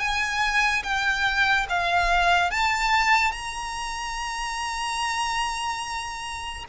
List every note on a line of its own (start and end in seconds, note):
0.00 0.83 G#5
0.83 1.67 G5
1.70 2.51 F5
2.51 3.32 A5
3.32 6.65 A#5